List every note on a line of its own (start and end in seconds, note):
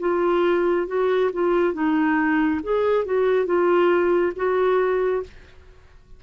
0.00 0.87 F4
0.87 1.31 F#4
1.33 1.74 F4
1.74 2.60 D#4
2.63 3.05 G#4
3.05 3.46 F#4
3.46 4.33 F4
4.36 5.23 F#4